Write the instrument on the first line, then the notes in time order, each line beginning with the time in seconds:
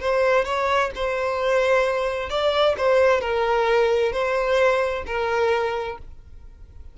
violin
0.00 C5
0.45 C#5
0.95 C5
2.29 D5
2.77 C5
3.21 A#4
4.12 C5
5.06 A#4